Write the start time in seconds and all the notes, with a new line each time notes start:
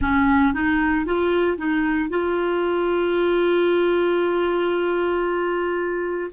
0.00 C#4
0.53 D#4
1.05 F4
1.57 D#4
2.09 F4